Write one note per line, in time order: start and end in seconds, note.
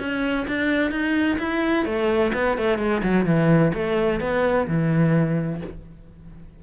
0.00 0.47 C#4
0.48 0.91 D4
0.91 1.38 D#4
1.39 1.86 E4
1.86 2.32 A3
2.34 2.58 B3
2.58 2.79 A3
2.79 3.02 G#3
3.03 3.26 F#3
3.26 3.73 E3
3.74 4.21 A3
4.21 4.67 B3
4.68 5.62 E3